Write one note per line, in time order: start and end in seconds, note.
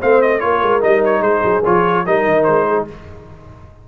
0.00 0.44 A3
0.00 0.40 C4
0.00 0.41 C5
0.00 0.22 F5
0.22 0.40 D#5
0.40 0.62 A#3
0.40 0.81 F4
0.40 1.21 A#4
0.40 0.81 C#5
0.62 0.82 G#3
0.81 1.21 G3
0.81 1.62 D#4
0.81 1.04 D#5
1.05 1.22 C#5
1.21 1.41 G#3
1.21 2.03 G#4
1.21 1.63 C5
1.44 1.64 F#3
1.65 2.06 F3
1.65 2.06 F4
1.65 2.06 C#5
2.06 2.26 G3
2.06 2.88 D#4
2.06 2.68 A#4
2.06 2.44 D#5
2.26 2.47 D#3
2.44 2.88 G#3
2.44 2.85 C5
2.68 2.88 G#4